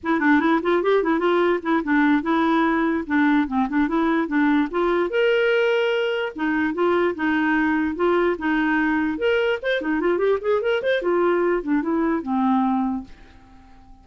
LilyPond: \new Staff \with { instrumentName = "clarinet" } { \time 4/4 \tempo 4 = 147 e'8 d'8 e'8 f'8 g'8 e'8 f'4 | e'8 d'4 e'2 d'8~ | d'8 c'8 d'8 e'4 d'4 f'8~ | f'8 ais'2. dis'8~ |
dis'8 f'4 dis'2 f'8~ | f'8 dis'2 ais'4 c''8 | dis'8 f'8 g'8 gis'8 ais'8 c''8 f'4~ | f'8 d'8 e'4 c'2 | }